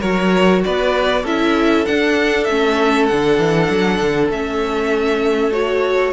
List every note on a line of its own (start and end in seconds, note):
0.00 0.64 F#3
0.00 1.23 F#4
0.00 0.61 A#4
0.00 0.62 C#5
0.64 1.24 B3
0.64 1.22 B4
0.64 1.25 D5
1.22 1.85 C#4
1.22 1.86 E4
1.22 6.12 A4
1.22 1.85 E5
1.85 2.47 D4
1.85 2.49 D4
1.85 2.44 F#5
2.44 3.10 A3
2.44 3.10 C#4
2.44 3.05 E5
3.06 3.38 D3
3.06 4.32 D4
3.06 4.28 F#5
3.38 3.68 E3
3.70 4.00 F#3
4.01 4.29 D3
4.29 6.13 A3
4.29 5.52 C#4
4.29 5.52 E5
5.52 6.13 F#4
5.52 6.13 C#5